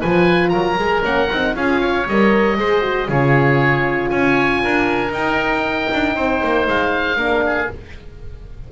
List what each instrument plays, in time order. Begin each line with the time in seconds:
0.00 double bass F3, horn F4, oboe B4 G#5
0.49 double bass F#3, oboe A#4 A#5
0.77 double bass G#3, horn G#4
1.02 double bass A#3, horn C#4, oboe F#5
1.32 double bass C4, horn D#4
1.54 double bass C#4, horn F4, oboe G#4 F5
1.80 oboe C#5
2.06 double bass G3, horn A#4, oboe D#5
2.57 double bass G#3, horn G#4, oboe C5
2.81 horn F#4
3.08 double bass C#3, horn F4, oboe G#4 C#5
4.10 double bass C#4, oboe C#5 G#5
4.63 double bass D4, oboe A#4
5.11 double bass D#4, horn D#4, oboe G5
5.93 double bass D4
6.15 double bass C4, oboe C5
6.44 double bass A#3
6.67 double bass G#3, oboe F5
7.16 double bass A#3, horn D4, oboe A#4
7.46 oboe G#4